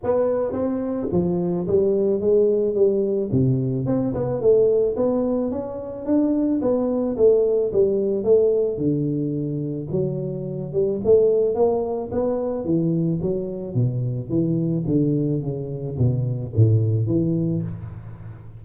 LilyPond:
\new Staff \with { instrumentName = "tuba" } { \time 4/4 \tempo 4 = 109 b4 c'4 f4 g4 | gis4 g4 c4 c'8 b8 | a4 b4 cis'4 d'4 | b4 a4 g4 a4 |
d2 fis4. g8 | a4 ais4 b4 e4 | fis4 b,4 e4 d4 | cis4 b,4 a,4 e4 | }